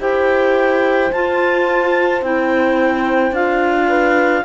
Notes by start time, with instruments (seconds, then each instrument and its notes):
0.00 cello E4, clarinet G4 G5, horn C5
1.12 cello F4, clarinet F4 A5
2.22 cello C4, clarinet E4 G5
3.32 cello D4, clarinet F4 F5
3.88 horn B4